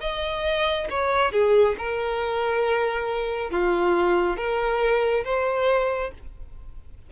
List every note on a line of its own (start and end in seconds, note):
0.00 0.87 D#5
0.89 1.32 C#5
1.32 1.75 G#4
1.78 3.51 A#4
3.51 4.37 F4
4.37 5.24 A#4
5.24 6.11 C5